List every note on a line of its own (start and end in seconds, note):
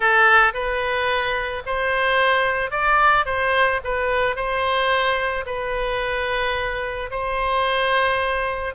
0.00 0.53 A4
0.53 1.62 B4
1.65 2.70 C5
2.70 3.25 D5
3.25 3.80 C5
3.83 4.35 B4
4.35 5.44 C5
5.46 7.09 B4
7.10 8.74 C5